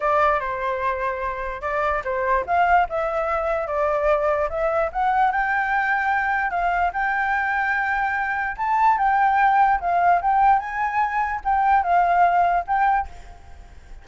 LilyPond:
\new Staff \with { instrumentName = "flute" } { \time 4/4 \tempo 4 = 147 d''4 c''2. | d''4 c''4 f''4 e''4~ | e''4 d''2 e''4 | fis''4 g''2. |
f''4 g''2.~ | g''4 a''4 g''2 | f''4 g''4 gis''2 | g''4 f''2 g''4 | }